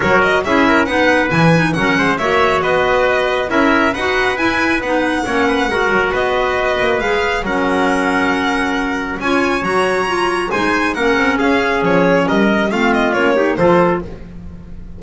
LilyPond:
<<
  \new Staff \with { instrumentName = "violin" } { \time 4/4 \tempo 4 = 137 cis''8 dis''8 e''4 fis''4 gis''4 | fis''4 e''4 dis''2 | e''4 fis''4 gis''4 fis''4~ | fis''2 dis''2 |
f''4 fis''2.~ | fis''4 gis''4 ais''2 | gis''4 fis''4 f''4 cis''4 | dis''4 f''8 dis''8 cis''4 c''4 | }
  \new Staff \with { instrumentName = "trumpet" } { \time 4/4 ais'4 gis'8 ais'8 b'2 | ais'8 c''8 cis''4 b'2 | ais'4 b'2. | cis''8 b'8 ais'4 b'2~ |
b'4 ais'2.~ | ais'4 cis''2. | c''4 ais'4 gis'2 | ais'4 f'4. g'8 a'4 | }
  \new Staff \with { instrumentName = "clarinet" } { \time 4/4 fis'4 e'4 dis'4 e'8 dis'8 | cis'4 fis'2. | e'4 fis'4 e'4 dis'4 | cis'4 fis'2. |
gis'4 cis'2.~ | cis'4 f'4 fis'4 f'4 | dis'4 cis'2.~ | cis'4 c'4 cis'8 dis'8 f'4 | }
  \new Staff \with { instrumentName = "double bass" } { \time 4/4 fis4 cis'4 b4 e4 | fis8 gis8 ais4 b2 | cis'4 dis'4 e'4 b4 | ais4 gis8 fis8 b4. ais8 |
gis4 fis2.~ | fis4 cis'4 fis2 | gis4 ais8 c'8 cis'4 f4 | g4 a4 ais4 f4 | }
>>